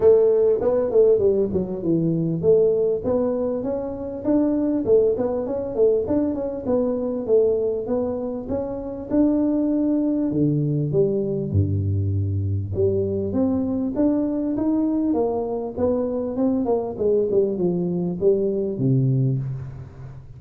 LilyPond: \new Staff \with { instrumentName = "tuba" } { \time 4/4 \tempo 4 = 99 a4 b8 a8 g8 fis8 e4 | a4 b4 cis'4 d'4 | a8 b8 cis'8 a8 d'8 cis'8 b4 | a4 b4 cis'4 d'4~ |
d'4 d4 g4 g,4~ | g,4 g4 c'4 d'4 | dis'4 ais4 b4 c'8 ais8 | gis8 g8 f4 g4 c4 | }